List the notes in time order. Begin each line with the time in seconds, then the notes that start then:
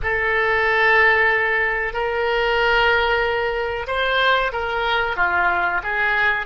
0.03 A4
1.93 A#4
3.87 C5
4.52 A#4
5.16 F4
5.83 G#4